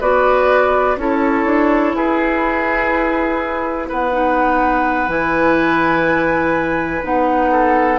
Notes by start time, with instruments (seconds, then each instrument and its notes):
0.00 bassoon B3, clarinet F#4, oboe B4, flute D5
0.96 bassoon C#4, clarinet E4, oboe A4, flute C#5
1.45 bassoon D4
1.95 bassoon E4, oboe G#4, flute B4
3.88 bassoon B3, oboe B4, flute F#5
4.12 clarinet D#4
5.08 bassoon E3, clarinet E4, flute G#5
7.02 bassoon B3, clarinet D#4, flute F#5
7.51 oboe A4